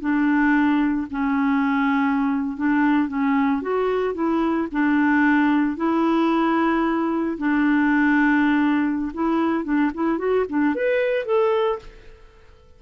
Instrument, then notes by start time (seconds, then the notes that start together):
clarinet
0.00 D4
1.10 C#4
2.57 D4
3.08 C#4
3.61 F#4
4.14 E4
4.71 D4
5.76 E4
7.37 D4
9.13 E4
9.64 D4
9.94 E4
10.18 F#4
10.49 D4
10.75 B4
11.25 A4